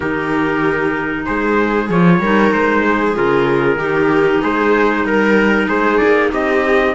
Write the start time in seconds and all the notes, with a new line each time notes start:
0.00 D#3 D#4 G4 A#4
1.25 G#3 G#4 C5
1.89 F3 F4 C#5
2.19 G3 D#4 A#4
2.52 G#3 C5
2.84 G#4
3.13 C#3 F4 A#4
3.76 D#3 D#4 G4
4.42 G#3 G#4 C5
5.04 G3 A#4
5.67 G#3 G#4 C5
5.97 A#3 D5
6.31 C4 G4 D#5